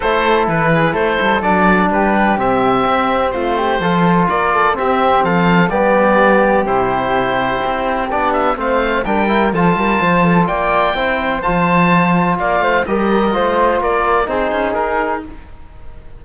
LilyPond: <<
  \new Staff \with { instrumentName = "oboe" } { \time 4/4 \tempo 4 = 126 c''4 b'4 c''4 d''4 | b'4 e''2 c''4~ | c''4 d''4 e''4 f''4 | d''2 c''2~ |
c''4 d''8 e''8 f''4 g''4 | a''2 g''2 | a''2 f''4 dis''4~ | dis''4 d''4 c''4 ais'4 | }
  \new Staff \with { instrumentName = "flute" } { \time 4/4 a'4. gis'8 a'2 | g'2. f'8 g'8 | a'4 ais'8 a'8 g'4 a'4 | g'1~ |
g'2 c''4 ais'4 | a'8 ais'8 c''8 a'8 d''4 c''4~ | c''2 d''8 c''8 ais'4 | c''4 ais'4 gis'2 | }
  \new Staff \with { instrumentName = "trombone" } { \time 4/4 e'2. d'4~ | d'4 c'2. | f'2 c'2 | b2 e'2~ |
e'4 d'4 c'4 d'8 e'8 | f'2. e'4 | f'2. g'4 | f'2 dis'2 | }
  \new Staff \with { instrumentName = "cello" } { \time 4/4 a4 e4 a8 g8 fis4 | g4 c4 c'4 a4 | f4 ais4 c'4 f4 | g2 c2 |
c'4 b4 a4 g4 | f8 g8 f4 ais4 c'4 | f2 ais8 a8 g4 | a4 ais4 c'8 cis'8 dis'4 | }
>>